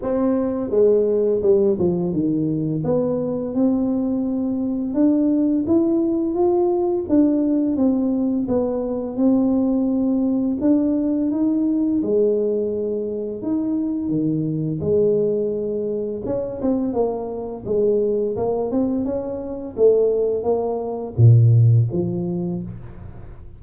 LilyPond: \new Staff \with { instrumentName = "tuba" } { \time 4/4 \tempo 4 = 85 c'4 gis4 g8 f8 dis4 | b4 c'2 d'4 | e'4 f'4 d'4 c'4 | b4 c'2 d'4 |
dis'4 gis2 dis'4 | dis4 gis2 cis'8 c'8 | ais4 gis4 ais8 c'8 cis'4 | a4 ais4 ais,4 f4 | }